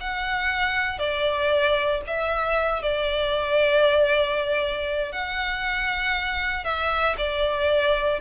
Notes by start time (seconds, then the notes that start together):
0.00 F#5
0.98 D5
2.07 E5
2.82 D5
5.12 F#5
6.64 E5
7.17 D5